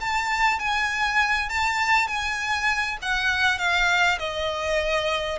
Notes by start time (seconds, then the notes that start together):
0.00 A5
0.59 G#5
1.49 A5
2.07 G#5
3.02 F#5
3.58 F5
4.18 D#5